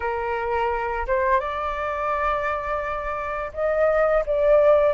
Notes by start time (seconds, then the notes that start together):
0.00 A#4
1.07 C5
1.40 D5
3.53 D#5
4.26 D5